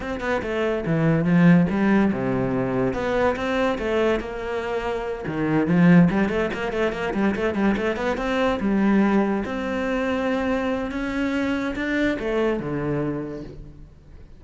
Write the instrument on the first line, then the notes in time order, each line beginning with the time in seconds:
cello
0.00 C4
0.20 B3
0.42 A3
0.85 E3
1.24 F3
1.70 G3
2.12 C3
2.93 B3
3.36 C4
3.78 A3
4.20 A#3
5.27 D#3
5.67 F3
6.10 G3
6.28 A3
6.53 A#3
6.72 A3
6.92 A#3
7.14 G3
7.35 A3
7.54 G3
7.77 A3
7.96 B3
8.17 C4
8.60 G3
9.45 C4
10.91 C#4
11.75 D4
12.19 A3
12.59 D3